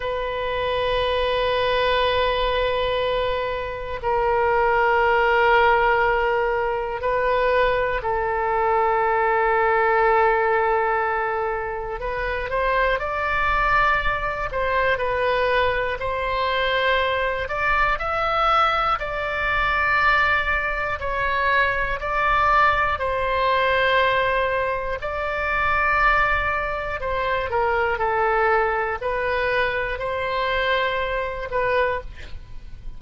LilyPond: \new Staff \with { instrumentName = "oboe" } { \time 4/4 \tempo 4 = 60 b'1 | ais'2. b'4 | a'1 | b'8 c''8 d''4. c''8 b'4 |
c''4. d''8 e''4 d''4~ | d''4 cis''4 d''4 c''4~ | c''4 d''2 c''8 ais'8 | a'4 b'4 c''4. b'8 | }